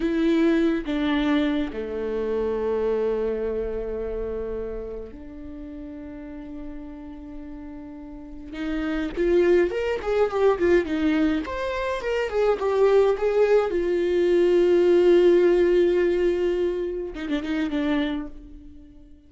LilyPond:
\new Staff \with { instrumentName = "viola" } { \time 4/4 \tempo 4 = 105 e'4. d'4. a4~ | a1~ | a4 d'2.~ | d'2. dis'4 |
f'4 ais'8 gis'8 g'8 f'8 dis'4 | c''4 ais'8 gis'8 g'4 gis'4 | f'1~ | f'2 dis'16 d'16 dis'8 d'4 | }